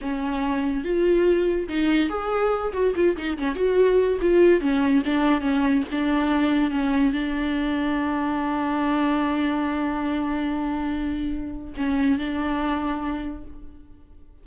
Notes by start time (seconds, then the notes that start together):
0.01 C#4
0.84 F4
1.68 D#4
2.09 G#4
2.73 F#4
2.95 F4
3.16 D#4
3.38 C#4
3.55 F#4
4.21 F4
4.60 C#4
5.05 D4
5.40 C#4
5.91 D4
6.70 C#4
7.12 D4
11.76 C#4
12.18 D4